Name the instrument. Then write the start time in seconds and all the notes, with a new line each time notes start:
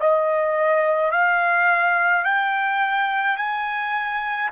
trumpet
0.00 D#5
1.12 F5
2.25 G5
3.37 G#5